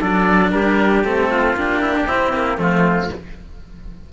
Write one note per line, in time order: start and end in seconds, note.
0.00 0.51 F#3
0.00 1.04 D4
0.00 0.52 A4
0.00 0.50 D5
0.50 1.03 G3
0.50 1.30 G4
0.50 1.02 A#4
1.03 1.53 A3
1.03 1.56 C4
1.03 1.56 A4
1.30 1.81 F4
1.53 2.04 A#3
1.53 2.08 D4
1.53 2.60 G4
1.81 1.94 E4
1.96 2.07 D4
2.06 2.56 C4
2.06 2.32 C4
2.06 2.58 E4
2.32 2.57 A#3
2.56 3.08 F3
2.56 3.09 A3
2.56 3.10 C4
2.56 3.12 F4